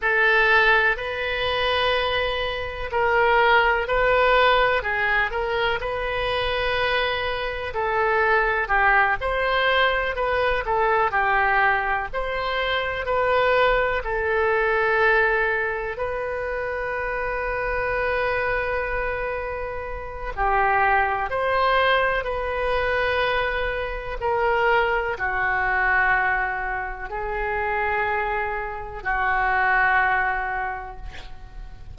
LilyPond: \new Staff \with { instrumentName = "oboe" } { \time 4/4 \tempo 4 = 62 a'4 b'2 ais'4 | b'4 gis'8 ais'8 b'2 | a'4 g'8 c''4 b'8 a'8 g'8~ | g'8 c''4 b'4 a'4.~ |
a'8 b'2.~ b'8~ | b'4 g'4 c''4 b'4~ | b'4 ais'4 fis'2 | gis'2 fis'2 | }